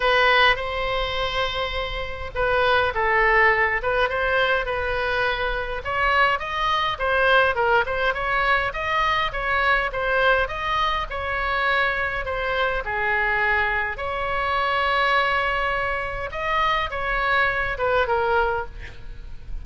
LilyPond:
\new Staff \with { instrumentName = "oboe" } { \time 4/4 \tempo 4 = 103 b'4 c''2. | b'4 a'4. b'8 c''4 | b'2 cis''4 dis''4 | c''4 ais'8 c''8 cis''4 dis''4 |
cis''4 c''4 dis''4 cis''4~ | cis''4 c''4 gis'2 | cis''1 | dis''4 cis''4. b'8 ais'4 | }